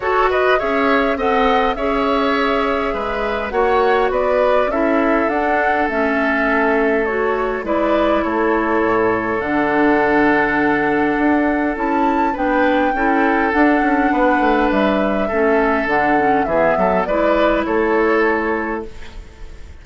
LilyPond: <<
  \new Staff \with { instrumentName = "flute" } { \time 4/4 \tempo 4 = 102 cis''8 dis''8 e''4 fis''4 e''4~ | e''2 fis''4 d''4 | e''4 fis''4 e''2 | cis''4 d''4 cis''2 |
fis''1 | a''4 g''2 fis''4~ | fis''4 e''2 fis''4 | e''4 d''4 cis''2 | }
  \new Staff \with { instrumentName = "oboe" } { \time 4/4 a'8 b'8 cis''4 dis''4 cis''4~ | cis''4 b'4 cis''4 b'4 | a'1~ | a'4 b'4 a'2~ |
a'1~ | a'4 b'4 a'2 | b'2 a'2 | gis'8 a'8 b'4 a'2 | }
  \new Staff \with { instrumentName = "clarinet" } { \time 4/4 fis'4 gis'4 a'4 gis'4~ | gis'2 fis'2 | e'4 d'4 cis'2 | fis'4 e'2. |
d'1 | e'4 d'4 e'4 d'4~ | d'2 cis'4 d'8 cis'8 | b4 e'2. | }
  \new Staff \with { instrumentName = "bassoon" } { \time 4/4 fis'4 cis'4 c'4 cis'4~ | cis'4 gis4 ais4 b4 | cis'4 d'4 a2~ | a4 gis4 a4 a,4 |
d2. d'4 | cis'4 b4 cis'4 d'8 cis'8 | b8 a8 g4 a4 d4 | e8 fis8 gis4 a2 | }
>>